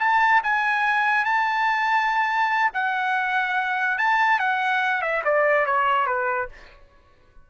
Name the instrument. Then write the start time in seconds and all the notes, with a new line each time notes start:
trumpet
0.00 A5
0.43 G#5
1.25 A5
2.74 F#5
3.99 A5
4.40 F#5
5.02 E5
5.25 D5
5.66 C#5
6.07 B4